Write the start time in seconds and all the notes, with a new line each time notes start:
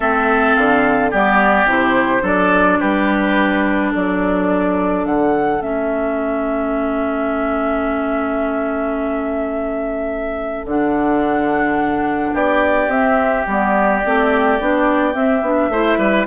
0.00 A3 C4 A4 E5
0.54 D3 F5
1.10 G3 B3 G4 D5
1.65 C3 E4
1.71 C5
2.21 F#3 D4 A4 D5
2.80 G3 G4 B4
3.91 F#3 A4 D5
5.04 D3 F#5
5.60 A3 C#4 E5
10.64 D3 D4 F#5
12.33 B3 G4 D5
12.87 C4 E5
13.46 G3 B3 D5
14.04 A3 C4
14.59 B3 D4
15.13 C4 E5
15.41 B3 D4
15.69 A3 E4 C5
15.97 G3 B4